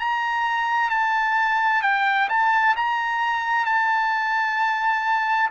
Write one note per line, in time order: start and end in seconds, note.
0.00 0.90 A#5
0.90 1.83 A5
1.83 2.29 G5
2.30 2.76 A5
2.77 3.65 A#5
3.65 5.50 A5